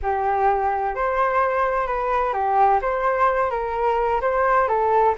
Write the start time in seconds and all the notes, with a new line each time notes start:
0.02 G4
0.95 C5
1.86 B4
2.33 G4
2.81 C5
3.50 A#4
4.21 C5
4.67 A4